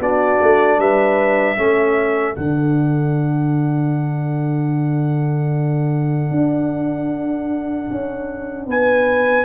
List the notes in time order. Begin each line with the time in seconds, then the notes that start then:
0.00 B3 D4 F#4 D5
0.41 A3
0.78 G3 B4 E5
1.56 A3 C#4 A4
2.35 D3 D4 F#5
6.31 D4
7.91 C#4
8.67 B3 B4 G#5